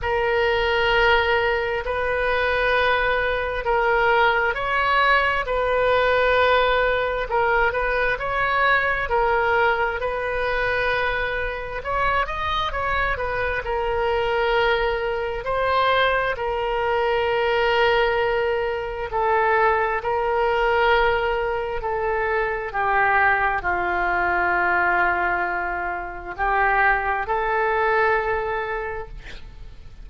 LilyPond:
\new Staff \with { instrumentName = "oboe" } { \time 4/4 \tempo 4 = 66 ais'2 b'2 | ais'4 cis''4 b'2 | ais'8 b'8 cis''4 ais'4 b'4~ | b'4 cis''8 dis''8 cis''8 b'8 ais'4~ |
ais'4 c''4 ais'2~ | ais'4 a'4 ais'2 | a'4 g'4 f'2~ | f'4 g'4 a'2 | }